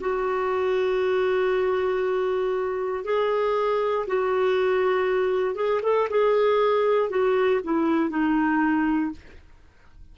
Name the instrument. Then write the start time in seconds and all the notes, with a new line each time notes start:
clarinet
0.00 F#4
3.04 G#4
4.07 F#4
5.55 G#4
5.82 A4
6.10 G#4
7.10 F#4
7.64 E4
8.09 D#4